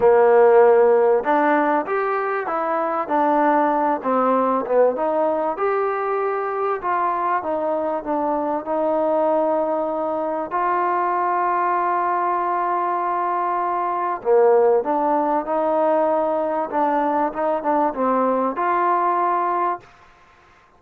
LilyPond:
\new Staff \with { instrumentName = "trombone" } { \time 4/4 \tempo 4 = 97 ais2 d'4 g'4 | e'4 d'4. c'4 b8 | dis'4 g'2 f'4 | dis'4 d'4 dis'2~ |
dis'4 f'2.~ | f'2. ais4 | d'4 dis'2 d'4 | dis'8 d'8 c'4 f'2 | }